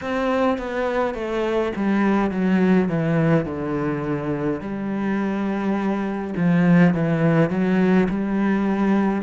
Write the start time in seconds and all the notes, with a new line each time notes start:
0.01 C4
0.58 B3
1.14 A3
1.76 G3
2.31 F#3
2.88 E3
3.45 D3
4.60 G3
6.36 F3
6.94 E3
7.50 F#3
8.09 G3